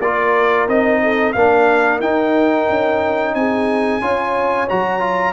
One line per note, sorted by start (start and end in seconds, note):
0.00 0.67 A#3
0.00 0.69 F4
0.00 1.01 A#4
0.00 0.67 D5
0.68 1.34 C4
0.68 1.35 D#4
0.68 1.32 D#5
1.02 1.35 A4
1.32 1.99 A#3
1.32 2.02 D4
1.32 3.35 A#4
1.32 1.99 F5
1.99 2.66 D#4
1.99 4.01 D#4
1.99 3.34 G5
2.69 3.34 C#4
3.34 4.00 C4
3.34 4.03 G#4
3.34 4.67 G#5
4.01 4.68 C#4
4.01 4.68 F4
4.01 5.33 C#5
4.69 5.33 F#3
4.69 5.00 F#4
4.69 5.33 A#5
5.00 5.33 F4